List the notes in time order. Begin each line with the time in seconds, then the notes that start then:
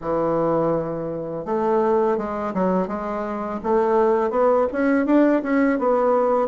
0.01 E3
1.45 A3
2.17 G#3
2.53 F#3
2.87 G#3
3.63 A3
4.30 B3
4.72 C#4
5.05 D4
5.42 C#4
5.78 B3